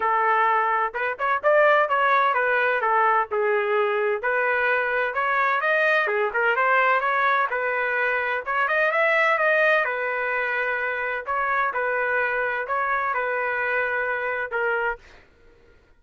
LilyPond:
\new Staff \with { instrumentName = "trumpet" } { \time 4/4 \tempo 4 = 128 a'2 b'8 cis''8 d''4 | cis''4 b'4 a'4 gis'4~ | gis'4 b'2 cis''4 | dis''4 gis'8 ais'8 c''4 cis''4 |
b'2 cis''8 dis''8 e''4 | dis''4 b'2. | cis''4 b'2 cis''4 | b'2. ais'4 | }